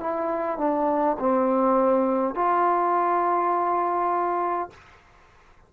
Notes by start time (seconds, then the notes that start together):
0.00 E4
0.58 D4
1.19 C4
2.35 F4